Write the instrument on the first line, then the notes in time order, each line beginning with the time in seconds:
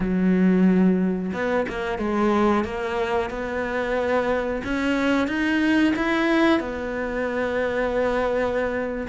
cello
0.00 F#3
1.33 B3
1.68 A#3
1.98 G#3
2.64 A#3
3.30 B3
4.64 C#4
5.27 D#4
5.96 E4
6.59 B3